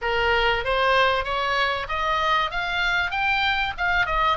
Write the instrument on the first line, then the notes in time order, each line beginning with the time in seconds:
oboe
0.01 A#4
0.64 C5
1.24 C#5
1.88 D#5
2.50 F5
3.10 G5
3.77 F5
4.06 D#5